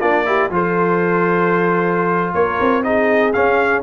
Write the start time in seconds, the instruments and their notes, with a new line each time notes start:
0.00 tuba A#3, trombone D4, horn F4, trumpet D5
0.26 trombone E4, horn G4
0.51 tuba F3, trombone F4, horn A4, trumpet C5
2.34 tuba A#3, horn A#4, trumpet C#5
2.60 tuba C4
2.84 trombone D#4, horn G#4, trumpet D#5
3.33 trombone C#4, tuba C#4, trumpet F5